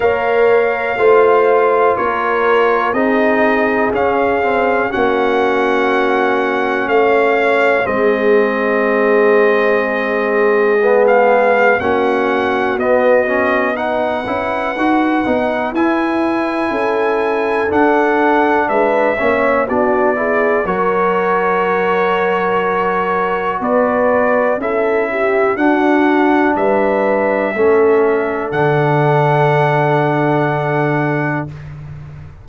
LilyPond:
<<
  \new Staff \with { instrumentName = "trumpet" } { \time 4/4 \tempo 4 = 61 f''2 cis''4 dis''4 | f''4 fis''2 f''4 | dis''2.~ dis''16 f''8. | fis''4 dis''4 fis''2 |
gis''2 fis''4 e''4 | d''4 cis''2. | d''4 e''4 fis''4 e''4~ | e''4 fis''2. | }
  \new Staff \with { instrumentName = "horn" } { \time 4/4 cis''4 c''4 ais'4 gis'4~ | gis'4 fis'2 cis''4 | gis'1 | fis'2 b'2~ |
b'4 a'2 b'8 cis''8 | fis'8 gis'8 ais'2. | b'4 a'8 g'8 fis'4 b'4 | a'1 | }
  \new Staff \with { instrumentName = "trombone" } { \time 4/4 ais'4 f'2 dis'4 | cis'8 c'8 cis'2. | c'2. b4 | cis'4 b8 cis'8 dis'8 e'8 fis'8 dis'8 |
e'2 d'4. cis'8 | d'8 e'8 fis'2.~ | fis'4 e'4 d'2 | cis'4 d'2. | }
  \new Staff \with { instrumentName = "tuba" } { \time 4/4 ais4 a4 ais4 c'4 | cis'4 ais2 a4 | gis1 | ais4 b4. cis'8 dis'8 b8 |
e'4 cis'4 d'4 gis8 ais8 | b4 fis2. | b4 cis'4 d'4 g4 | a4 d2. | }
>>